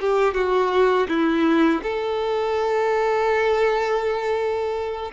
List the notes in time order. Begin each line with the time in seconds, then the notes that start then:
0.00 G4
0.34 F#4
1.08 E4
1.83 A4